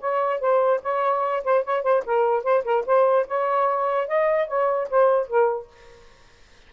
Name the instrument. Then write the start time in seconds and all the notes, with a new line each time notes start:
saxophone
0.00 C#5
0.40 C5
0.82 C#5
1.44 C5
1.64 C#5
1.83 C5
2.05 A#4
2.43 C5
2.64 A#4
2.86 C5
3.27 C#5
4.07 D#5
4.47 C#5
4.90 C5
5.27 A#4